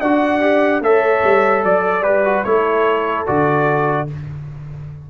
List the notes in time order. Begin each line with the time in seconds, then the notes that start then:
0.00 D4 F#4 D5 F#5
0.41 G4
0.80 A3 A4 C#5 E5
1.24 G3
1.63 F#3 D5
2.02 G3 G4 B4
2.24 F#4
2.43 A3 E4 A4 C#5
3.26 D3 F#4 D5